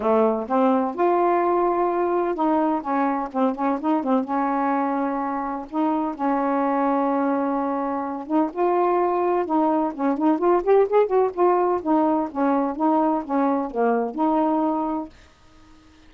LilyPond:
\new Staff \with { instrumentName = "saxophone" } { \time 4/4 \tempo 4 = 127 a4 c'4 f'2~ | f'4 dis'4 cis'4 c'8 cis'8 | dis'8 c'8 cis'2. | dis'4 cis'2.~ |
cis'4. dis'8 f'2 | dis'4 cis'8 dis'8 f'8 g'8 gis'8 fis'8 | f'4 dis'4 cis'4 dis'4 | cis'4 ais4 dis'2 | }